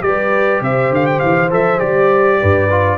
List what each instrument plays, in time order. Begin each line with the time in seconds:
0.00 tuba G3, trombone G4, trumpet D5
0.06 horn B4
0.61 tuba C3, horn C5, trumpet E5
0.90 tuba D3, trumpet F5
1.06 trumpet G5
1.19 tuba E3, trumpet F5
1.51 tuba F3, trombone A4, trumpet E5
1.79 tuba G3, trombone G4, trumpet D5
2.40 tuba G2, horn B4
2.70 trombone F4